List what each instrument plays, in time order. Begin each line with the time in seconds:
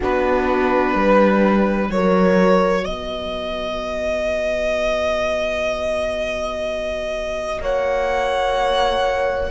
0.00 cello B3, viola D4, horn F#4, violin B4
0.94 cello G3, horn B4
1.87 cello F#3, viola F#4, violin C#5
1.93 horn A#4
2.84 cello B3, horn B4, violin D#5
7.59 cello A#3, horn C#5, violin F#5